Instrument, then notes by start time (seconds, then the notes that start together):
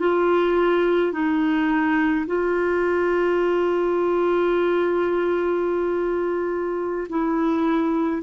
clarinet
0.00 F4
1.13 D#4
2.27 F4
7.10 E4